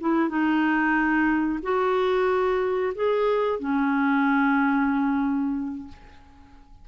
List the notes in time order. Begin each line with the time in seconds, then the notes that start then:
0.00 E4
0.29 D#4
1.63 F#4
2.95 G#4
3.60 C#4